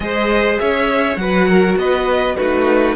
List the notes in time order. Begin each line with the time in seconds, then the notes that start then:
0.00 G#3 G#4 C5 D#5
0.59 C#4 C#5 E5
1.16 F#3 F#4 B4 F#5
1.48 A#4
1.76 B3 B4 D#5
2.36 A3 D#4 F#4 B4